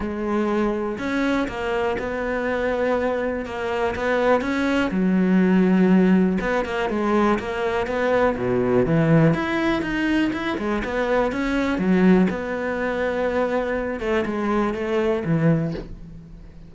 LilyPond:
\new Staff \with { instrumentName = "cello" } { \time 4/4 \tempo 4 = 122 gis2 cis'4 ais4 | b2. ais4 | b4 cis'4 fis2~ | fis4 b8 ais8 gis4 ais4 |
b4 b,4 e4 e'4 | dis'4 e'8 gis8 b4 cis'4 | fis4 b2.~ | b8 a8 gis4 a4 e4 | }